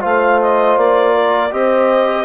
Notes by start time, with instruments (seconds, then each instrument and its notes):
0.00 bassoon A3, trombone F4, horn C5, clarinet F5
0.41 clarinet D#5
0.77 bassoon A#3, clarinet D5
1.14 horn A#4
1.51 bassoon C4, trombone G4, horn C5, clarinet D#5